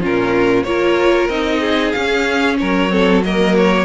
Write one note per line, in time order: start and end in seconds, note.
0.00 0.64 A#2
0.00 0.65 C#4
0.00 0.65 F4
0.00 0.64 A#4
0.64 1.28 A#3
0.64 1.31 F4
0.64 1.60 A#4
0.64 1.28 C#5
1.28 1.93 C4
1.28 1.95 D#4
1.28 1.92 D#5
1.60 2.57 G#4
1.92 2.60 C#4
1.92 2.90 C#4
1.92 2.56 F5
2.58 3.85 F#3
2.58 2.92 A#4
2.58 3.23 C#5
2.90 3.22 C4
2.90 3.24 A4
3.24 3.85 A#3
3.24 3.85 A#4
3.24 3.56 D#5
3.57 3.85 C#5